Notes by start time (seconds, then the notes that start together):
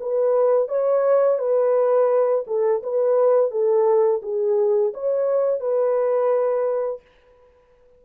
0.00 B4
0.68 C#5
1.39 B4
2.47 A4
2.83 B4
3.51 A4
4.22 G#4
4.93 C#5
5.60 B4